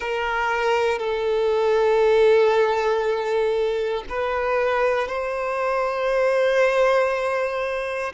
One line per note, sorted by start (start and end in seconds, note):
0.00 0.98 A#4
0.98 4.04 A4
4.09 5.08 B4
5.08 8.13 C5